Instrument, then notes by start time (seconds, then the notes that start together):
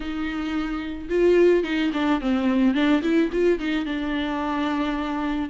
viola
0.00 D#4
1.09 F4
1.63 D#4
1.93 D4
2.20 C4
2.74 D4
3.02 E4
3.32 F4
3.59 D#4
3.85 D4